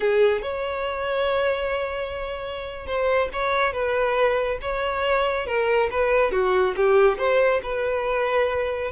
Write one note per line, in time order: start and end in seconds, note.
0.00 0.42 G#4
0.42 2.86 C#5
2.86 3.29 C5
3.32 3.72 C#5
3.72 4.58 B4
4.61 5.46 C#5
5.46 5.89 A#4
5.90 6.31 B4
6.31 6.74 F#4
6.76 7.17 G4
7.17 7.60 C5
7.62 8.91 B4